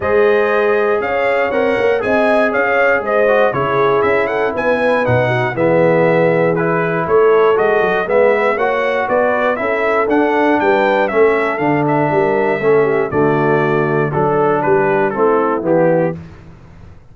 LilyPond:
<<
  \new Staff \with { instrumentName = "trumpet" } { \time 4/4 \tempo 4 = 119 dis''2 f''4 fis''4 | gis''4 f''4 dis''4 cis''4 | e''8 fis''8 gis''4 fis''4 e''4~ | e''4 b'4 cis''4 dis''4 |
e''4 fis''4 d''4 e''4 | fis''4 g''4 e''4 f''8 e''8~ | e''2 d''2 | a'4 b'4 a'4 g'4 | }
  \new Staff \with { instrumentName = "horn" } { \time 4/4 c''2 cis''2 | dis''4 cis''4 c''4 gis'4~ | gis'8 a'8 b'4. fis'8 gis'4~ | gis'2 a'2 |
b'4 cis''4 b'4 a'4~ | a'4 b'4 a'2 | ais'4 a'8 g'8 fis'2 | a'4 g'4 e'2 | }
  \new Staff \with { instrumentName = "trombone" } { \time 4/4 gis'2. ais'4 | gis'2~ gis'8 fis'8 e'4~ | e'2 dis'4 b4~ | b4 e'2 fis'4 |
b4 fis'2 e'4 | d'2 cis'4 d'4~ | d'4 cis'4 a2 | d'2 c'4 b4 | }
  \new Staff \with { instrumentName = "tuba" } { \time 4/4 gis2 cis'4 c'8 ais8 | c'4 cis'4 gis4 cis4 | cis'4 b4 b,4 e4~ | e2 a4 gis8 fis8 |
gis4 ais4 b4 cis'4 | d'4 g4 a4 d4 | g4 a4 d2 | fis4 g4 a4 e4 | }
>>